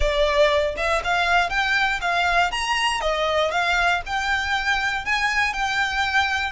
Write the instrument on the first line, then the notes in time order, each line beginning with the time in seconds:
violin
0.00 D5
0.76 E5
1.04 F5
1.49 G5
2.01 F5
2.51 A#5
3.00 D#5
3.51 F5
4.06 G5
5.05 G#5
5.53 G5